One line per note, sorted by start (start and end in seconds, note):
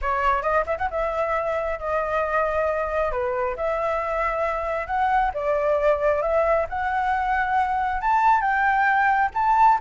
0.01 0.42 C#5
0.42 0.64 D#5
0.66 0.77 E5
0.78 0.89 F#5
0.90 1.79 E5
1.79 3.11 D#5
3.11 3.56 B4
3.56 4.86 E5
4.86 5.31 F#5
5.34 6.22 D5
6.22 6.66 E5
6.69 8.01 F#5
8.01 8.41 A5
8.41 9.29 G5
9.34 9.78 A5